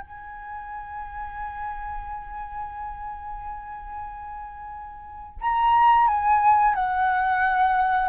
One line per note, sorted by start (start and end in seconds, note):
0.00 5.39 G#5
5.41 6.07 A#5
6.07 6.74 G#5
6.74 8.09 F#5